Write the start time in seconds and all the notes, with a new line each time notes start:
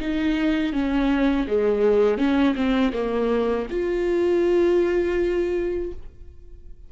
0.00 D#4
0.73 C#4
1.47 G#3
2.18 C#4
2.56 C4
2.93 A#3
3.70 F4